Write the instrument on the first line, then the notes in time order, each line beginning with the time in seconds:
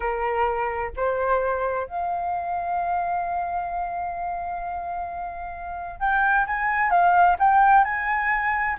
flute
0.00 A#4
0.96 C5
1.87 F5
5.99 G5
6.47 G#5
6.90 F5
7.39 G5
7.84 G#5